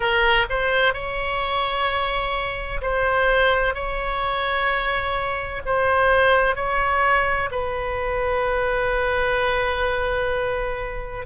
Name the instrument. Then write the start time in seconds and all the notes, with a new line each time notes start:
oboe
0.00 A#4
0.49 C5
0.93 C#5
2.81 C5
3.74 C#5
5.65 C5
6.55 C#5
7.51 B4